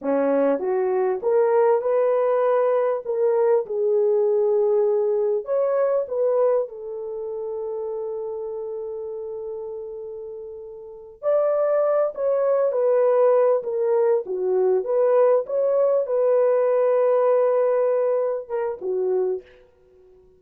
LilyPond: \new Staff \with { instrumentName = "horn" } { \time 4/4 \tempo 4 = 99 cis'4 fis'4 ais'4 b'4~ | b'4 ais'4 gis'2~ | gis'4 cis''4 b'4 a'4~ | a'1~ |
a'2~ a'8 d''4. | cis''4 b'4. ais'4 fis'8~ | fis'8 b'4 cis''4 b'4.~ | b'2~ b'8 ais'8 fis'4 | }